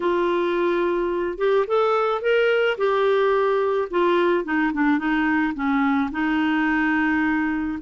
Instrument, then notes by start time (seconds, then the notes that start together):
clarinet
0.00 F4
1.37 G4
1.67 A4
2.21 A#4
2.77 G4
3.90 F4
4.44 D#4
4.73 D4
4.98 D#4
5.54 C#4
6.11 D#4